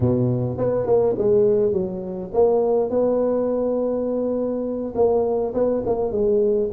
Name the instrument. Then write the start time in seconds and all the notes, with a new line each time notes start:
tuba
0.00 B2
0.57 B3
0.86 A#3
1.18 G#3
1.72 F#3
2.33 A#3
2.89 B3
4.95 A#3
5.54 B3
5.85 A#3
6.11 G#3